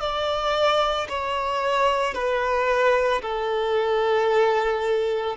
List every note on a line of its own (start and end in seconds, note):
0.00 1.07 D5
1.09 2.14 C#5
2.14 3.21 B4
3.22 5.36 A4